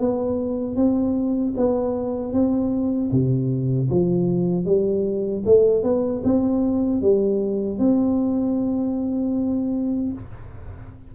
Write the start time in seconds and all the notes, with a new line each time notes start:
0.00 B3
0.77 C4
1.57 B3
2.33 C4
3.12 C3
3.90 F3
4.66 G3
5.45 A3
5.84 B3
6.24 C4
7.02 G3
7.79 C4